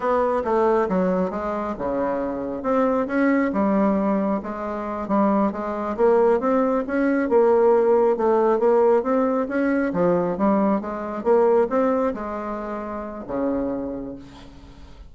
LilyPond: \new Staff \with { instrumentName = "bassoon" } { \time 4/4 \tempo 4 = 136 b4 a4 fis4 gis4 | cis2 c'4 cis'4 | g2 gis4. g8~ | g8 gis4 ais4 c'4 cis'8~ |
cis'8 ais2 a4 ais8~ | ais8 c'4 cis'4 f4 g8~ | g8 gis4 ais4 c'4 gis8~ | gis2 cis2 | }